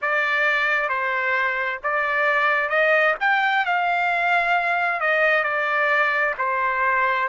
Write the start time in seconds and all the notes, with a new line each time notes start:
0.01 D5
0.88 C5
1.83 D5
2.69 D#5
3.20 G5
3.65 F5
5.00 D#5
5.43 D5
6.38 C5